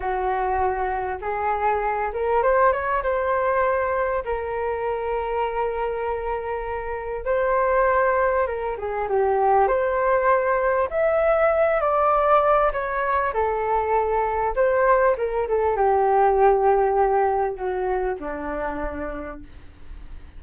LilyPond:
\new Staff \with { instrumentName = "flute" } { \time 4/4 \tempo 4 = 99 fis'2 gis'4. ais'8 | c''8 cis''8 c''2 ais'4~ | ais'1 | c''2 ais'8 gis'8 g'4 |
c''2 e''4. d''8~ | d''4 cis''4 a'2 | c''4 ais'8 a'8 g'2~ | g'4 fis'4 d'2 | }